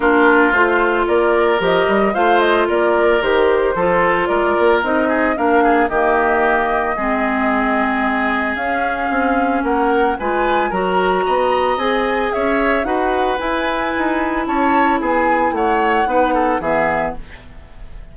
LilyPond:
<<
  \new Staff \with { instrumentName = "flute" } { \time 4/4 \tempo 4 = 112 ais'4 c''4 d''4 dis''4 | f''8 dis''8 d''4 c''2 | d''4 dis''4 f''4 dis''4~ | dis''1 |
f''2 fis''4 gis''4 | ais''2 gis''4 e''4 | fis''4 gis''2 a''4 | gis''4 fis''2 e''4 | }
  \new Staff \with { instrumentName = "oboe" } { \time 4/4 f'2 ais'2 | c''4 ais'2 a'4 | ais'4. gis'8 ais'8 gis'8 g'4~ | g'4 gis'2.~ |
gis'2 ais'4 b'4 | ais'4 dis''2 cis''4 | b'2. cis''4 | gis'4 cis''4 b'8 a'8 gis'4 | }
  \new Staff \with { instrumentName = "clarinet" } { \time 4/4 d'4 f'2 g'4 | f'2 g'4 f'4~ | f'4 dis'4 d'4 ais4~ | ais4 c'2. |
cis'2. f'4 | fis'2 gis'2 | fis'4 e'2.~ | e'2 dis'4 b4 | }
  \new Staff \with { instrumentName = "bassoon" } { \time 4/4 ais4 a4 ais4 f8 g8 | a4 ais4 dis4 f4 | gis8 ais8 c'4 ais4 dis4~ | dis4 gis2. |
cis'4 c'4 ais4 gis4 | fis4 b4 c'4 cis'4 | dis'4 e'4 dis'4 cis'4 | b4 a4 b4 e4 | }
>>